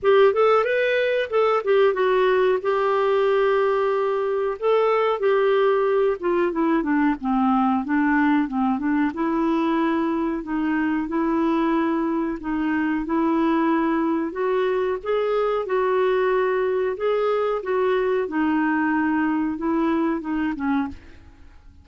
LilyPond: \new Staff \with { instrumentName = "clarinet" } { \time 4/4 \tempo 4 = 92 g'8 a'8 b'4 a'8 g'8 fis'4 | g'2. a'4 | g'4. f'8 e'8 d'8 c'4 | d'4 c'8 d'8 e'2 |
dis'4 e'2 dis'4 | e'2 fis'4 gis'4 | fis'2 gis'4 fis'4 | dis'2 e'4 dis'8 cis'8 | }